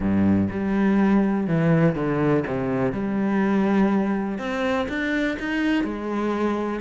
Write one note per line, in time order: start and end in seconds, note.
0.00 0.47 G2
0.50 1.47 G3
1.47 1.95 E3
1.95 2.44 D3
2.46 2.92 C3
2.92 4.38 G3
4.38 4.87 C4
4.88 5.37 D4
5.39 5.84 D#4
5.84 6.80 G#3